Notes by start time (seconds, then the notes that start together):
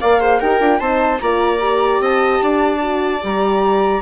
0.00 A#3 A#4 D5 F5
0.20 G#4 C5
0.39 D#4 G4 A#4 G5
0.60 D4 F4
0.79 C4 D#4 C5 A5
1.20 A#3 F4 D5 A#5
1.59 G4
2.00 C4 D#5 A5
2.42 D4 D5
2.81 F#4
3.21 G3 G4 A#5